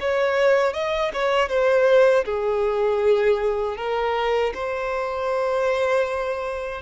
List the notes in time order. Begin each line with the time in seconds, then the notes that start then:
0.00 C#5
0.73 D#5
1.13 C#5
1.48 C5
2.25 G#4
3.77 A#4
4.54 C5